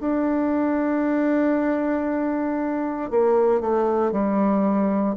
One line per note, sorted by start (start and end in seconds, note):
0.00 3.10 D4
3.11 3.61 A#3
3.61 4.12 A3
4.12 5.15 G3